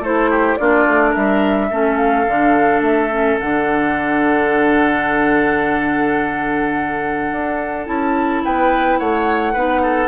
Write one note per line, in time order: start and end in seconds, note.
0.00 0.56 A3
0.00 0.59 E4
0.00 0.31 A4
0.00 0.57 C5
0.31 0.59 G4
0.57 0.87 A#3
0.57 1.71 D4
0.57 1.11 F4
0.57 1.13 D5
0.87 1.15 A3
1.11 1.71 G3
1.11 1.67 A#4
1.11 1.97 E5
1.71 2.27 A3
1.71 2.27 C#4
1.71 8.44 A4
1.97 2.81 F5
2.28 2.81 D3
2.28 3.11 D4
2.81 3.37 A3
2.81 3.39 E5
3.11 3.39 C#4
3.40 7.32 D3
3.40 7.86 D4
3.40 7.87 F#5
7.32 7.88 D4
7.86 8.44 C#4
7.86 9.55 E4
7.86 8.43 A5
8.45 9.00 B3
8.45 8.99 B4
8.45 8.99 G5
8.99 9.55 A3
8.99 9.54 C#5
8.99 10.09 F#5
9.54 10.09 B3
9.54 10.09 D#4
9.54 9.82 B4
9.83 10.09 A4